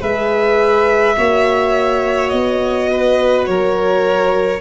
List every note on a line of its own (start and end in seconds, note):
0.00 1.17 G#3
0.00 1.15 G#4
0.00 1.16 B4
0.00 2.29 E5
1.17 2.32 A#3
1.17 4.60 F#4
1.17 2.90 C#5
2.29 3.47 B3
2.29 3.44 D#5
2.92 3.49 B4
3.45 4.60 F#3
3.45 4.60 A#4
3.45 4.60 C#5